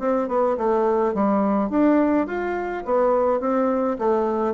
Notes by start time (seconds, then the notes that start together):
0.00 C4
0.29 B3
0.58 A3
1.15 G3
1.70 D4
2.27 F4
2.85 B3
3.41 C4
3.99 A3